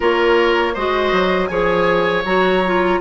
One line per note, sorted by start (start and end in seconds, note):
0.00 0.75 A#3
0.00 0.74 F4
0.00 0.74 A#4
0.00 0.74 C#5
0.74 1.12 G#3
0.74 1.49 F#4
0.74 1.49 C5
0.74 1.47 D#5
1.12 1.49 F#3
1.47 2.24 F3
1.47 2.24 G#4
1.47 3.00 C#5
1.47 2.22 G#5
2.24 2.99 F#3
2.24 2.62 F#4
2.24 2.99 A#5
2.65 3.00 F4